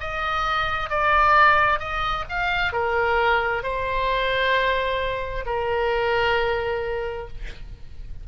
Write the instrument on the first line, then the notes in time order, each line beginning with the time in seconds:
oboe
0.00 D#5
0.90 D5
1.79 D#5
2.29 F5
2.72 A#4
3.63 C5
5.46 A#4